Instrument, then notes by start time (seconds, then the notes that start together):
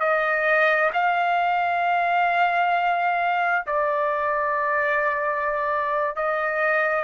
trumpet
0.00 D#5
0.93 F5
3.66 D5
6.16 D#5